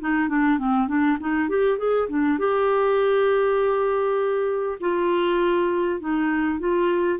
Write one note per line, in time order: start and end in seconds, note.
0.00 0.29 D#4
0.29 0.58 D4
0.58 0.88 C4
0.88 1.18 D4
1.20 1.49 D#4
1.49 1.78 G4
1.78 2.08 G#4
2.09 2.39 D4
2.39 4.79 G4
4.81 6.00 F4
6.00 6.59 D#4
6.59 7.19 F4